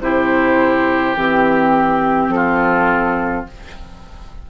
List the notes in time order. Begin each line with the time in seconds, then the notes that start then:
0.00 C3 E4 G4 C5
1.15 E3 C4 G4
2.29 F3 A4
2.35 F4